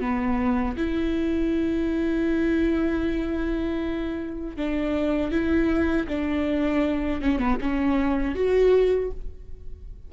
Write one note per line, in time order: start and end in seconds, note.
0.00 0.76 B3
0.76 4.56 E4
4.56 5.31 D4
5.31 6.07 E4
6.08 7.21 D4
7.21 7.39 C#4
7.39 7.58 B3
7.61 8.35 C#4
8.35 9.11 F#4